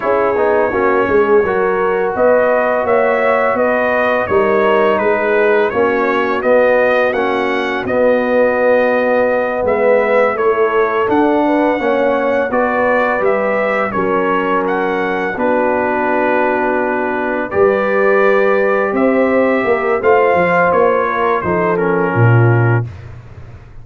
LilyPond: <<
  \new Staff \with { instrumentName = "trumpet" } { \time 4/4 \tempo 4 = 84 cis''2. dis''4 | e''4 dis''4 cis''4 b'4 | cis''4 dis''4 fis''4 dis''4~ | dis''4. e''4 cis''4 fis''8~ |
fis''4. d''4 e''4 cis''8~ | cis''8 fis''4 b'2~ b'8~ | b'8 d''2 e''4. | f''4 cis''4 c''8 ais'4. | }
  \new Staff \with { instrumentName = "horn" } { \time 4/4 gis'4 fis'8 gis'8 ais'4 b'4 | cis''4 b'4 ais'4 gis'4 | fis'1~ | fis'4. b'4 a'4. |
b'8 cis''4 b'2 ais'8~ | ais'4. fis'2~ fis'8~ | fis'8 b'2 c''4 ais'8 | c''4. ais'8 a'4 f'4 | }
  \new Staff \with { instrumentName = "trombone" } { \time 4/4 e'8 dis'8 cis'4 fis'2~ | fis'2 dis'2 | cis'4 b4 cis'4 b4~ | b2~ b8 e'4 d'8~ |
d'8 cis'4 fis'4 g'4 cis'8~ | cis'4. d'2~ d'8~ | d'8 g'2.~ g'8 | f'2 dis'8 cis'4. | }
  \new Staff \with { instrumentName = "tuba" } { \time 4/4 cis'8 b8 ais8 gis8 fis4 b4 | ais4 b4 g4 gis4 | ais4 b4 ais4 b4~ | b4. gis4 a4 d'8~ |
d'8 ais4 b4 g4 fis8~ | fis4. b2~ b8~ | b8 g2 c'4 ais8 | a8 f8 ais4 f4 ais,4 | }
>>